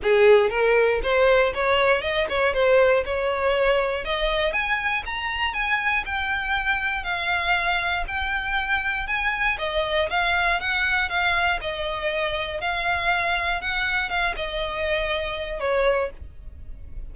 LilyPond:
\new Staff \with { instrumentName = "violin" } { \time 4/4 \tempo 4 = 119 gis'4 ais'4 c''4 cis''4 | dis''8 cis''8 c''4 cis''2 | dis''4 gis''4 ais''4 gis''4 | g''2 f''2 |
g''2 gis''4 dis''4 | f''4 fis''4 f''4 dis''4~ | dis''4 f''2 fis''4 | f''8 dis''2~ dis''8 cis''4 | }